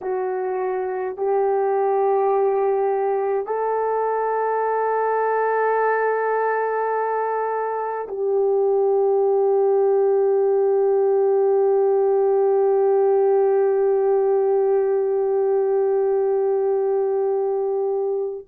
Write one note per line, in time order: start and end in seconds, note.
0.01 1.16 F#4
1.16 3.46 G4
3.46 8.07 A4
8.08 18.46 G4